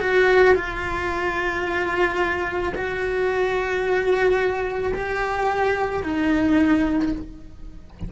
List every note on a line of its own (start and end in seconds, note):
0.00 0.55 F#4
0.55 2.73 F4
2.74 4.92 F#4
4.93 6.02 G4
6.03 7.12 D#4